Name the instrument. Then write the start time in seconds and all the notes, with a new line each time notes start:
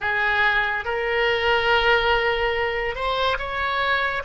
oboe
0.00 G#4
0.85 A#4
2.95 C5
3.38 C#5